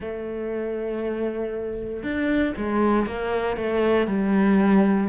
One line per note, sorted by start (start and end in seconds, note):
0.00 2.03 A3
2.03 2.54 D4
2.57 3.06 G#3
3.06 3.56 A#3
3.56 4.07 A3
4.07 5.08 G3